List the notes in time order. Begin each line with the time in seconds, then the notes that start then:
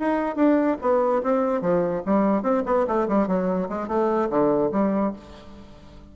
0.00 D#4
0.36 D4
0.82 B3
1.23 C4
1.62 F3
2.06 G3
2.43 C4
2.66 B3
2.88 A3
3.09 G3
3.28 F#3
3.69 G#3
3.89 A3
4.30 D3
4.72 G3